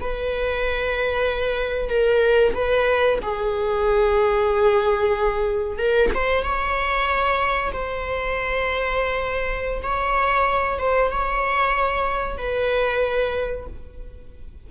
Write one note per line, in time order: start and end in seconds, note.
0.00 1.89 B4
1.89 2.53 A#4
2.54 3.18 B4
3.22 5.78 G#4
5.78 6.10 A#4
6.14 6.43 C5
6.43 7.72 C#5
7.72 9.82 C5
9.82 10.79 C#5
10.79 11.11 C5
11.11 12.37 C#5
12.37 13.66 B4